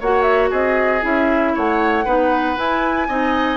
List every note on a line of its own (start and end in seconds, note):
0.00 0.51 A#3
0.00 1.01 F#4
0.00 0.50 C#5
0.00 0.22 F#5
0.22 0.48 E5
0.50 1.03 C4
0.50 1.52 G#4
0.50 1.04 D#5
1.01 1.55 C#4
1.01 2.04 E4
1.01 1.56 E5
1.54 2.06 A3
1.54 2.05 C#5
1.54 2.58 F#5
2.05 2.57 B3
2.05 2.56 D#4
2.05 3.07 B4
2.56 3.08 E4
2.56 3.57 G#5
3.08 3.57 C4
3.08 3.57 D#4
3.08 3.57 D#5